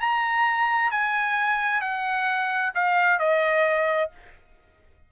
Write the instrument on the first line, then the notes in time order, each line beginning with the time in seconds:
trumpet
0.00 A#5
0.91 G#5
1.81 F#5
2.74 F5
3.19 D#5